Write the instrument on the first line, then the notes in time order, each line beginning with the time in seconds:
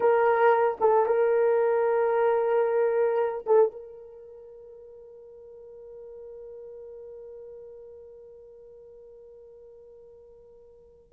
horn
0.00 A#4
0.80 A4
1.05 A#4
3.46 A4
3.71 A#4